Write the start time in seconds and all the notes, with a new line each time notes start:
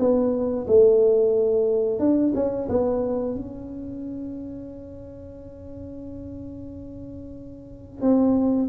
0.00 B3
0.68 A3
2.00 D4
2.35 C#4
2.70 B3
3.36 C#4
8.02 C4